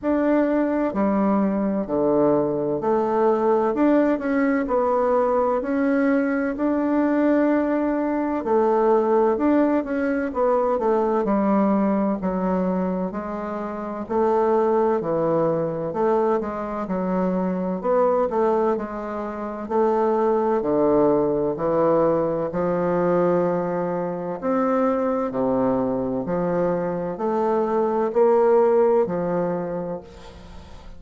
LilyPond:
\new Staff \with { instrumentName = "bassoon" } { \time 4/4 \tempo 4 = 64 d'4 g4 d4 a4 | d'8 cis'8 b4 cis'4 d'4~ | d'4 a4 d'8 cis'8 b8 a8 | g4 fis4 gis4 a4 |
e4 a8 gis8 fis4 b8 a8 | gis4 a4 d4 e4 | f2 c'4 c4 | f4 a4 ais4 f4 | }